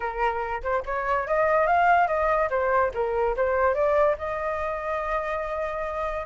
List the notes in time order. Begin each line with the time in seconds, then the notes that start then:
0.00 A#4
0.62 C5
0.85 C#5
1.27 D#5
1.66 F5
2.07 D#5
2.49 C5
2.94 A#4
3.36 C5
3.74 D5
4.18 D#5